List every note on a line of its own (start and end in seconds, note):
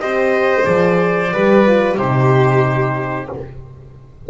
0.00 0.66 C4
0.00 0.62 G4
0.00 1.34 C5
0.00 0.66 D#5
0.62 1.33 F3
0.62 1.28 G#4
0.62 1.98 D5
1.34 1.98 G3
1.34 1.67 G4
1.34 1.97 B4
1.67 1.98 F4
1.97 3.30 C3
1.97 3.30 D#4
1.97 3.29 G4
1.97 3.31 C5